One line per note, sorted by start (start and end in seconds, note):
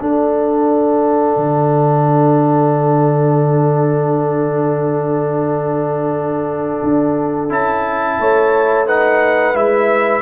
0.00 7.50 D4
0.00 1.37 D4
0.00 8.19 A4
0.00 7.50 F#5
1.37 6.82 D3
6.84 7.50 D4
7.50 8.18 C#4
7.50 8.87 E4
7.50 8.88 A5
8.19 9.55 A3
8.19 8.87 C#5
8.87 9.55 D#4
8.87 10.22 B4
8.87 9.56 F#5
9.55 10.22 G#3
9.55 10.22 E4
9.55 10.22 E5